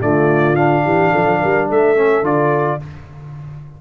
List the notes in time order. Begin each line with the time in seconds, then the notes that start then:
0.00 D3 A3 F4 D5
0.56 D4 F5
0.84 E3 G4
1.12 F3 A4
1.40 G3 A#4
1.69 A3 A4 E5
1.96 C#4
2.22 D3 F4 D5